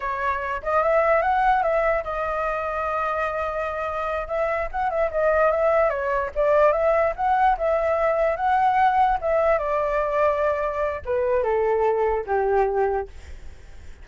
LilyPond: \new Staff \with { instrumentName = "flute" } { \time 4/4 \tempo 4 = 147 cis''4. dis''8 e''4 fis''4 | e''4 dis''2.~ | dis''2~ dis''8 e''4 fis''8 | e''8 dis''4 e''4 cis''4 d''8~ |
d''8 e''4 fis''4 e''4.~ | e''8 fis''2 e''4 d''8~ | d''2. b'4 | a'2 g'2 | }